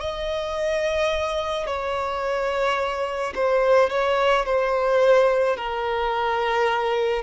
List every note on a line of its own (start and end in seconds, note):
0.00 1.66 D#5
1.66 3.33 C#5
3.35 3.89 C5
3.89 4.45 C#5
4.45 5.56 C5
5.56 7.22 A#4